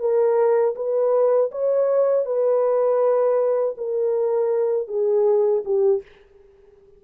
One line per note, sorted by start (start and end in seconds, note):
0.00 0.75 A#4
0.76 1.51 B4
1.52 2.26 C#5
2.26 3.76 B4
3.78 4.88 A#4
4.88 5.63 G#4
5.65 6.03 G4